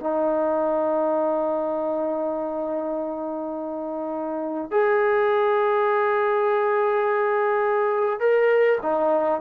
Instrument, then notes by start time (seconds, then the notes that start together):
trombone
0.00 D#4
4.71 G#4
8.19 A#4
8.82 D#4